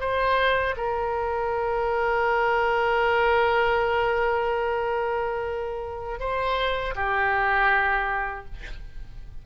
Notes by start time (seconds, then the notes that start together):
0.00 C5
0.76 A#4
6.19 C5
6.95 G4